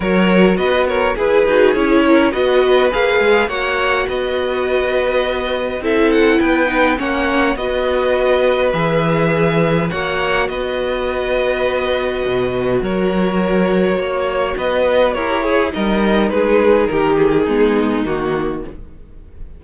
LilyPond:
<<
  \new Staff \with { instrumentName = "violin" } { \time 4/4 \tempo 4 = 103 cis''4 dis''8 cis''8 b'4 cis''4 | dis''4 f''4 fis''4 dis''4~ | dis''2 e''8 fis''8 g''4 | fis''4 dis''2 e''4~ |
e''4 fis''4 dis''2~ | dis''2 cis''2~ | cis''4 dis''4 cis''4 dis''4 | b'4 ais'8 gis'4. fis'4 | }
  \new Staff \with { instrumentName = "violin" } { \time 4/4 ais'4 b'8 ais'8 gis'4. ais'8 | b'2 cis''4 b'4~ | b'2 a'4 b'4 | cis''4 b'2.~ |
b'4 cis''4 b'2~ | b'2 ais'2 | cis''4 b'4 ais'8 gis'8 ais'4 | gis'4 g'4 dis'2 | }
  \new Staff \with { instrumentName = "viola" } { \time 4/4 fis'2 gis'8 fis'8 e'4 | fis'4 gis'4 fis'2~ | fis'2 e'4. dis'8 | cis'4 fis'2 gis'4~ |
gis'4 fis'2.~ | fis'1~ | fis'2 g'8 gis'8 dis'4~ | dis'2 b4 ais4 | }
  \new Staff \with { instrumentName = "cello" } { \time 4/4 fis4 b4 e'8 dis'8 cis'4 | b4 ais8 gis8 ais4 b4~ | b2 c'4 b4 | ais4 b2 e4~ |
e4 ais4 b2~ | b4 b,4 fis2 | ais4 b4 e'4 g4 | gis4 dis4 gis4 dis4 | }
>>